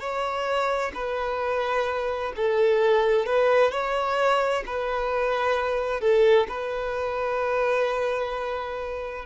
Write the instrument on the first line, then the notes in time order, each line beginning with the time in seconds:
violin
0.00 C#5
0.94 B4
2.36 A4
3.26 B4
3.72 C#5
4.67 B4
6.01 A4
6.49 B4